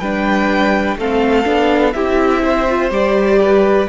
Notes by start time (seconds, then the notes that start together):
0.00 G3 D4 B4 G5
0.97 A3 C4 A4 F5
1.45 B3 D4
1.93 C4 E4 G4 E5
2.43 C5
2.69 F4
2.91 G3 G4 D5
3.42 B4